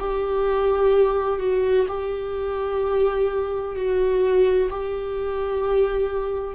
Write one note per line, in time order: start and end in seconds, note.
0.00 1.40 G4
1.40 1.87 F#4
1.88 3.76 G4
3.76 4.70 F#4
4.70 6.55 G4